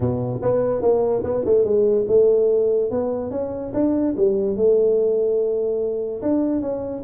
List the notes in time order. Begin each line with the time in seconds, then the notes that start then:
0.00 B2
0.42 B3
0.81 A#3
1.23 B3
1.45 A3
1.64 G#3
2.08 A3
2.90 B3
3.30 C#4
3.73 D4
4.16 G3
4.56 A3
6.22 D4
6.61 C#4